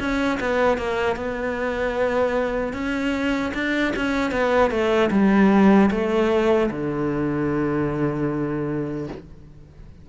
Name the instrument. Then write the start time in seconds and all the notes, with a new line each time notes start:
cello
0.00 C#4
0.41 B3
0.78 A#3
1.17 B3
2.74 C#4
3.55 D4
3.96 C#4
4.32 B3
4.71 A3
5.11 G3
5.91 A3
6.71 D3